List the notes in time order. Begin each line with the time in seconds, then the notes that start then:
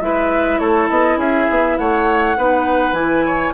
0.00 G#3 E4 B4 E5
0.59 A3 A4 C#5
0.89 B3 D#5
1.17 C#4 G#4 E5
1.50 B3
1.78 A3 C#5 F#5
2.37 B3 D#4 B4
2.93 E3 E4 G#5
3.26 C#5